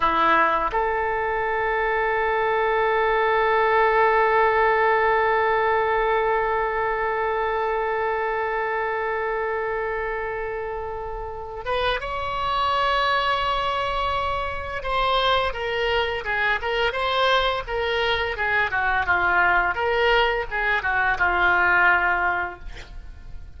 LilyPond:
\new Staff \with { instrumentName = "oboe" } { \time 4/4 \tempo 4 = 85 e'4 a'2.~ | a'1~ | a'1~ | a'1~ |
a'8 b'8 cis''2.~ | cis''4 c''4 ais'4 gis'8 ais'8 | c''4 ais'4 gis'8 fis'8 f'4 | ais'4 gis'8 fis'8 f'2 | }